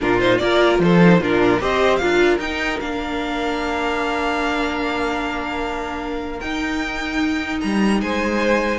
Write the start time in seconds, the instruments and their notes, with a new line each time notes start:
0.01 cello A#2, viola D4, violin F4 A#4
0.19 viola D#4, violin C5
0.38 cello A#3, viola F4, violin A#4 D5
0.79 cello F3, violin A4 C5
1.01 viola D#4
1.19 cello A#2, viola D4, violin F4 A#4
1.60 cello C4, viola G4, violin C5 D#5
1.96 cello D4, viola F4, violin A#4 F5
2.38 cello D#4, viola D#4, violin G5
2.80 cello A#3, viola D4, violin F5
6.39 cello D#4, viola D#4, violin G5
7.60 cello G3, violin A#5
8.01 cello G#3, violin C5 G#5